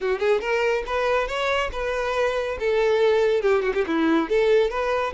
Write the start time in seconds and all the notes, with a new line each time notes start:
0.00 F#4
0.19 G#4
0.41 A#4
0.86 B4
1.27 C#5
1.72 B4
2.59 A4
3.41 G4
3.62 F#4
3.74 G4
3.86 E4
4.29 A4
4.70 B4